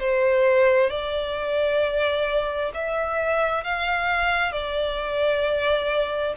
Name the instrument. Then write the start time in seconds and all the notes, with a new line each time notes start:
violin
0.00 C5
0.90 D5
2.74 E5
3.64 F5
4.52 D5